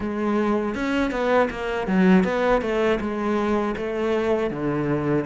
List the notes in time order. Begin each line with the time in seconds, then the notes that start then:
0.00 G#3
0.74 C#4
1.11 B3
1.50 A#3
1.87 F#3
2.24 B3
2.61 A3
3.00 G#3
3.77 A3
4.50 D3